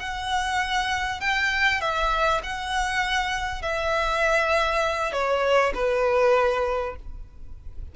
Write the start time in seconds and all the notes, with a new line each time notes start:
0.00 F#5
1.21 G5
1.81 E5
2.43 F#5
3.62 E5
5.13 C#5
5.75 B4